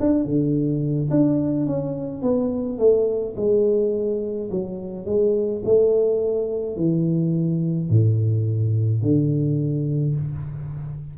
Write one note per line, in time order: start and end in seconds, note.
0.00 0.25 D4
0.25 1.10 D3
1.11 1.67 D4
1.67 2.22 C#4
2.22 2.79 B3
2.79 3.36 A3
3.37 4.50 G#3
4.51 5.06 F#3
5.06 5.62 G#3
5.65 6.77 A3
6.77 7.90 E3
7.90 9.03 A2
9.03 10.16 D3